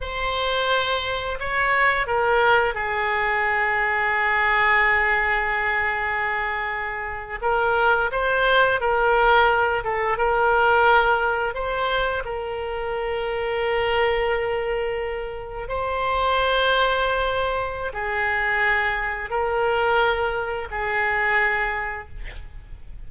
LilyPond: \new Staff \with { instrumentName = "oboe" } { \time 4/4 \tempo 4 = 87 c''2 cis''4 ais'4 | gis'1~ | gis'2~ gis'8. ais'4 c''16~ | c''8. ais'4. a'8 ais'4~ ais'16~ |
ais'8. c''4 ais'2~ ais'16~ | ais'2~ ais'8. c''4~ c''16~ | c''2 gis'2 | ais'2 gis'2 | }